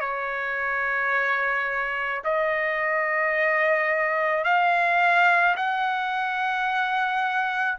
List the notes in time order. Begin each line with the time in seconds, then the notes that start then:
0.00 C#5
2.24 D#5
4.44 F5
5.56 F#5